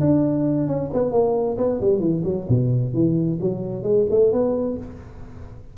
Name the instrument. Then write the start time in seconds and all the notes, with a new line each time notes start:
tuba
0.00 D4
0.67 C#4
0.93 B3
1.11 A#3
1.57 B3
1.80 G3
2.00 E3
2.24 F#3
2.48 B2
2.93 E3
3.40 F#3
3.83 G#3
4.10 A3
4.32 B3